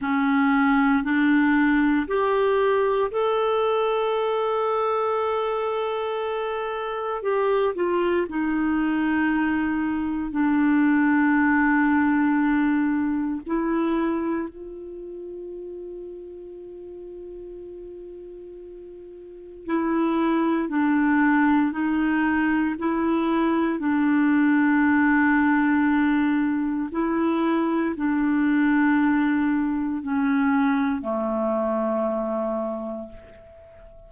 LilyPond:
\new Staff \with { instrumentName = "clarinet" } { \time 4/4 \tempo 4 = 58 cis'4 d'4 g'4 a'4~ | a'2. g'8 f'8 | dis'2 d'2~ | d'4 e'4 f'2~ |
f'2. e'4 | d'4 dis'4 e'4 d'4~ | d'2 e'4 d'4~ | d'4 cis'4 a2 | }